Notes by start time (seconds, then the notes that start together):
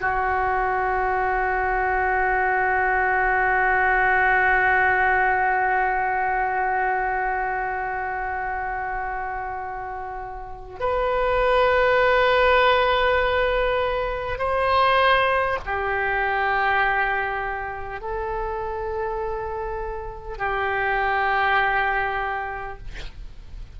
0.00 F#4
10.79 B4
14.38 C5
15.65 G4
18.00 A4
20.37 G4